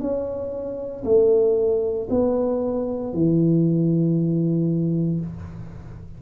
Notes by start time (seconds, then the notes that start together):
0.00 C#4
1.04 A3
2.10 B3
3.13 E3